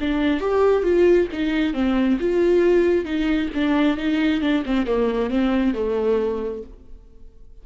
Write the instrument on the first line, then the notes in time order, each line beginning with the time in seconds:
viola
0.00 D4
0.40 G4
0.83 F4
1.32 D#4
1.73 C4
2.19 F4
3.04 D#4
3.54 D4
3.97 D#4
4.41 D4
4.65 C4
4.86 A#3
5.30 C4
5.74 A3